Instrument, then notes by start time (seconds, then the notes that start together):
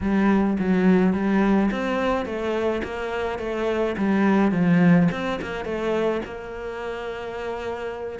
cello
0.00 G3
0.59 F#3
1.13 G3
1.71 C4
2.25 A3
2.83 A#3
3.39 A3
3.97 G3
4.51 F3
5.11 C4
5.41 A#3
5.64 A3
6.25 A#3